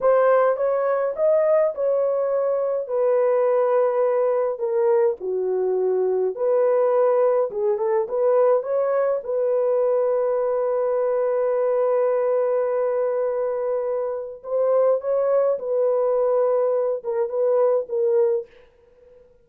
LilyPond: \new Staff \with { instrumentName = "horn" } { \time 4/4 \tempo 4 = 104 c''4 cis''4 dis''4 cis''4~ | cis''4 b'2. | ais'4 fis'2 b'4~ | b'4 gis'8 a'8 b'4 cis''4 |
b'1~ | b'1~ | b'4 c''4 cis''4 b'4~ | b'4. ais'8 b'4 ais'4 | }